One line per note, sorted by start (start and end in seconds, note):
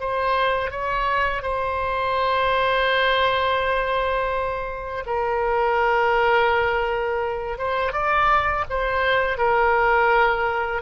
0.00 0.71 C5
0.71 1.43 C#5
1.43 5.04 C5
5.06 7.58 A#4
7.58 7.92 C5
7.92 8.65 D5
8.69 9.37 C5
9.37 10.82 A#4